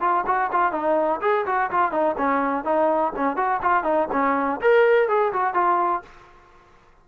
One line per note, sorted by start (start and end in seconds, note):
0.00 0.24 F4
0.26 0.50 F#4
0.52 0.72 F4
0.72 1.20 D#4
1.21 1.45 G#4
1.46 1.70 F#4
1.71 1.91 F4
1.91 2.16 D#4
2.18 2.64 C#4
2.64 3.13 D#4
3.16 3.36 C#4
3.36 3.60 F#4
3.62 3.84 F4
3.84 4.08 D#4
4.12 4.60 C#4
4.61 5.08 A#4
5.08 5.32 G#4
5.32 5.54 F#4
5.54 6.02 F4